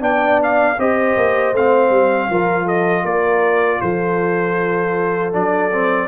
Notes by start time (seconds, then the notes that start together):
0.00 B3 D4 D5 G5
0.43 F5
0.78 C4 G4 C5 D#5
1.17 A#3
1.53 A3 C4 F5
1.90 G3
2.30 F3 F4 A#4
2.65 A4 D#5
3.04 A#3 A#4 D5
3.81 F3 A4 C5
5.33 F#3 D4 D5
5.72 C4